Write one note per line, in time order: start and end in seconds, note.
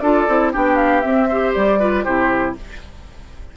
0.00 0.27 D4
0.00 0.28 F4
0.00 0.53 A4
0.00 0.51 D5
0.28 0.54 C4
0.28 0.53 E4
0.53 1.05 B3
0.53 1.02 D4
0.53 1.29 G4
0.53 0.76 G5
0.76 1.01 F5
1.01 1.28 C4
1.01 1.56 C4
1.01 1.52 E5
1.29 1.80 G4
1.29 1.79 C5
1.54 2.06 G3
1.54 2.04 D5
1.79 2.05 F4
1.79 2.04 B4
2.04 2.57 C3
2.04 2.56 E4
2.04 2.55 G4
2.04 2.55 C5